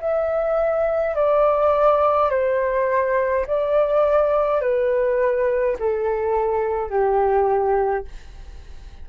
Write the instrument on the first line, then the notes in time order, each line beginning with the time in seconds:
flute
0.00 E5
1.15 D5
2.30 C5
3.47 D5
4.61 B4
5.79 A4
6.90 G4